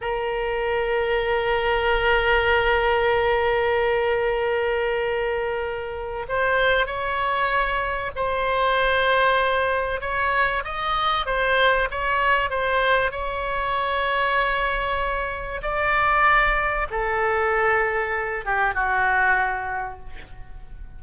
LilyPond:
\new Staff \with { instrumentName = "oboe" } { \time 4/4 \tempo 4 = 96 ais'1~ | ais'1~ | ais'2 c''4 cis''4~ | cis''4 c''2. |
cis''4 dis''4 c''4 cis''4 | c''4 cis''2.~ | cis''4 d''2 a'4~ | a'4. g'8 fis'2 | }